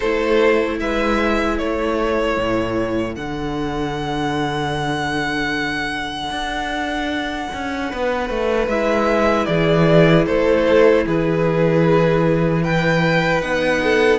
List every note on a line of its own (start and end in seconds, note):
0.00 0.80 A3
0.00 3.16 E4
0.00 0.77 A4
0.00 0.77 C5
0.80 1.59 G#3
0.80 1.59 B4
0.80 1.58 E5
1.58 2.37 A3
1.58 7.90 A4
1.58 3.15 C#5
2.37 3.15 A2
3.15 6.29 D3
3.15 8.69 D4
3.15 8.67 F#5
6.29 7.48 D4
7.53 7.92 C#4
7.90 8.29 B3
7.90 9.47 B4
8.29 8.67 A3
8.67 9.46 G#3
8.67 13.42 E4
8.67 9.45 E5
9.45 10.26 E3
9.45 10.26 G#4
9.45 10.24 D5
10.26 11.05 A3
10.26 11.05 A4
10.26 11.05 C5
11.06 13.41 E3
11.06 12.62 G#4
11.06 12.63 B4
12.62 13.80 B4
12.62 13.41 G5
13.41 14.19 B3
13.41 14.19 D#4
13.41 14.19 F#5
13.83 14.19 A4